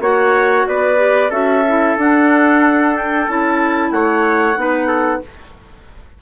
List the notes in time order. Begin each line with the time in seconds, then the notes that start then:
0.00 A#3 F#4 C#5 F#5
0.68 B3 B4 D5
0.97 G4
1.30 C#4 F#4 A4 E5
1.68 E4
1.98 D4 F#5
2.96 G5
3.28 C#4 E4 A5
3.91 A3 C#5 F#5
4.56 B3 D#4 B4
4.88 A4